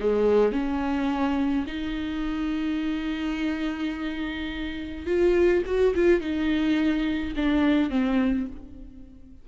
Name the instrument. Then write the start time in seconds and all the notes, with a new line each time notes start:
viola
0.00 G#3
0.52 C#4
1.67 D#4
5.07 F4
5.66 F#4
5.95 F4
6.21 D#4
7.37 D4
7.90 C4